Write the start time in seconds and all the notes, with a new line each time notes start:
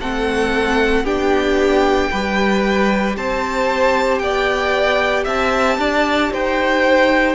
0.00 A3 C4 A4 F#5
1.04 B3 D4 G4 G5
2.11 G3 G4 B4
3.17 C4 C5 A5
4.19 B3 D5 G5
5.24 C4 E5 A5
5.79 D4 D5
6.32 D#4 C5 G5